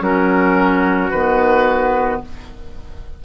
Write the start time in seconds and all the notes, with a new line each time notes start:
0.00 F#3 C#4 F#4 A#4
1.10 D#3 B3 B4